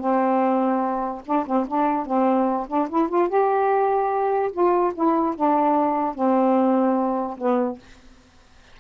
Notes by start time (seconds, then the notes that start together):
0.00 C4
1.26 D4
1.47 C4
1.68 D4
2.06 C4
2.68 D4
2.90 E4
3.09 F4
3.29 G4
4.52 F4
4.95 E4
5.37 D4
6.15 C4
7.38 B3